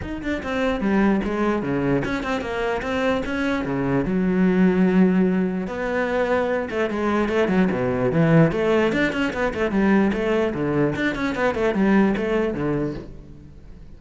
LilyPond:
\new Staff \with { instrumentName = "cello" } { \time 4/4 \tempo 4 = 148 dis'8 d'8 c'4 g4 gis4 | cis4 cis'8 c'8 ais4 c'4 | cis'4 cis4 fis2~ | fis2 b2~ |
b8 a8 gis4 a8 fis8 b,4 | e4 a4 d'8 cis'8 b8 a8 | g4 a4 d4 d'8 cis'8 | b8 a8 g4 a4 d4 | }